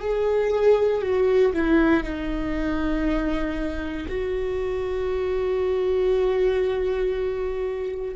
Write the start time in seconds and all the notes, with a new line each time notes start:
0.00 G#4
1.02 F#4
1.53 E4
2.04 D#4
4.08 F#4